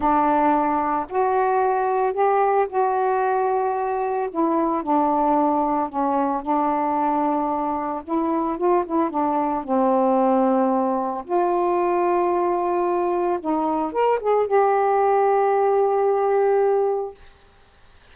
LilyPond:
\new Staff \with { instrumentName = "saxophone" } { \time 4/4 \tempo 4 = 112 d'2 fis'2 | g'4 fis'2. | e'4 d'2 cis'4 | d'2. e'4 |
f'8 e'8 d'4 c'2~ | c'4 f'2.~ | f'4 dis'4 ais'8 gis'8 g'4~ | g'1 | }